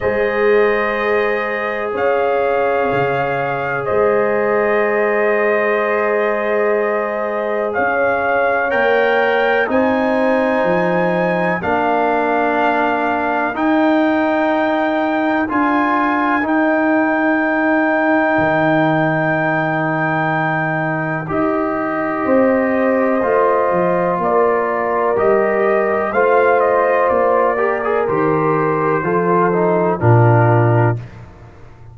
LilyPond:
<<
  \new Staff \with { instrumentName = "trumpet" } { \time 4/4 \tempo 4 = 62 dis''2 f''2 | dis''1 | f''4 g''4 gis''2 | f''2 g''2 |
gis''4 g''2.~ | g''2 dis''2~ | dis''4 d''4 dis''4 f''8 dis''8 | d''4 c''2 ais'4 | }
  \new Staff \with { instrumentName = "horn" } { \time 4/4 c''2 cis''2 | c''1 | cis''2 c''2 | ais'1~ |
ais'1~ | ais'2. c''4~ | c''4 ais'2 c''4~ | c''8 ais'4. a'4 f'4 | }
  \new Staff \with { instrumentName = "trombone" } { \time 4/4 gis'1~ | gis'1~ | gis'4 ais'4 dis'2 | d'2 dis'2 |
f'4 dis'2.~ | dis'2 g'2 | f'2 g'4 f'4~ | f'8 g'16 gis'16 g'4 f'8 dis'8 d'4 | }
  \new Staff \with { instrumentName = "tuba" } { \time 4/4 gis2 cis'4 cis4 | gis1 | cis'4 ais4 c'4 f4 | ais2 dis'2 |
d'4 dis'2 dis4~ | dis2 dis'4 c'4 | a8 f8 ais4 g4 a4 | ais4 dis4 f4 ais,4 | }
>>